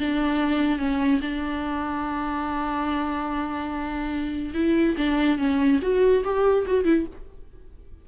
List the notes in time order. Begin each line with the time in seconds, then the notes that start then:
0.00 D4
0.79 C#4
1.22 D4
4.54 E4
4.98 D4
5.38 C#4
5.82 F#4
6.24 G4
6.67 F#4
6.85 E4